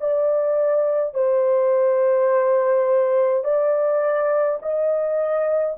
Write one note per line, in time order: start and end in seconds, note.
0.00 1.14 D5
1.14 3.44 C5
3.44 4.59 D5
4.62 5.77 D#5